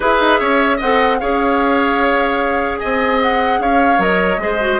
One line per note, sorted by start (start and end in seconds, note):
0.00 0.20 E4
0.00 0.78 G#4
0.00 0.39 B4
0.00 0.80 E5
0.20 0.40 D#4
0.39 0.81 C#4
0.39 0.77 C#5
0.77 1.21 C4
0.77 1.17 D#5
0.77 1.19 F#5
0.83 1.20 A4
1.19 2.82 C#4
1.19 3.98 G#4
1.19 2.79 C#5
1.19 2.78 F5
2.78 3.59 C4
2.78 3.59 D#5
2.78 3.18 G#5
3.21 3.61 F#5
3.59 3.98 C#4
3.59 4.41 C#5
3.59 4.01 F5
3.98 4.37 F#3
3.98 4.38 A#4
3.98 4.79 D#5
4.37 4.77 G#3
4.37 4.59 G#4
4.37 4.79 C5
4.60 4.79 F#4